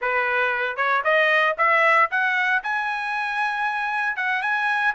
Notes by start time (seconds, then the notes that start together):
0.01 B4
0.76 C#5
1.04 D#5
1.57 E5
2.10 F#5
2.63 G#5
4.16 F#5
4.42 G#5